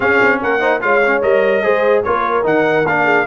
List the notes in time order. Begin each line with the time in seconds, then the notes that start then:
0.00 C#4 G#4 F5
0.21 C4
0.42 A#3 A#4 F#5
0.60 D#4 C5
0.81 G#3 F4 C#5 F5
1.05 C#4
1.21 G3 A#4 D#5
1.62 G#3 G#4 C5
2.03 A#3 F4 A#4 C#5
2.43 D#3 D#4 F#5
2.85 A#3 D4 F5
3.04 G#4